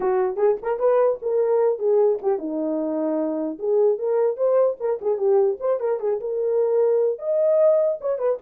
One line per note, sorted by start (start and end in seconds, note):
0.00 0.36 F#4
0.36 0.56 G#4
0.62 0.79 A#4
0.79 1.19 B4
1.22 1.79 A#4
1.79 2.19 G#4
2.22 2.38 G4
2.38 3.58 D#4
3.59 3.98 G#4
3.98 4.37 A#4
4.37 4.77 C5
4.80 5.00 A#4
5.01 5.17 G#4
5.17 5.57 G4
5.60 5.79 C5
5.79 5.99 A#4
5.99 6.19 G#4
6.20 7.19 A#4
7.19 7.99 D#5
8.01 8.18 C#5
8.18 8.38 B4